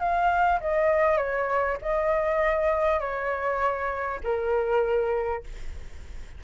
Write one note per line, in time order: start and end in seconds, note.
0.00 0.60 F5
0.61 1.18 D#5
1.18 1.78 C#5
1.82 3.01 D#5
3.01 4.21 C#5
4.24 5.44 A#4